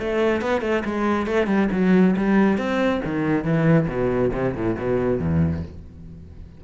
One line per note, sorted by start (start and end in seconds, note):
0.00 0.42 A3
0.42 0.62 B3
0.62 0.84 A3
0.85 1.27 G#3
1.27 1.47 A3
1.47 1.69 G3
1.72 2.16 F#3
2.17 2.58 G3
2.58 3.02 C4
3.06 3.45 D#3
3.45 3.88 E3
3.88 4.32 B2
4.33 4.55 C3
4.55 4.77 A2
4.78 5.20 B2
5.20 5.64 E2